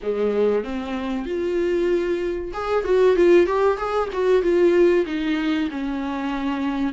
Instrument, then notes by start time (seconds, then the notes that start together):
viola
0.02 G#3
0.63 C4
1.25 F4
2.53 G#4
2.84 F#4
3.16 F4
3.46 G4
3.77 G#4
4.12 F#4
4.42 F4
5.06 D#4
5.70 C#4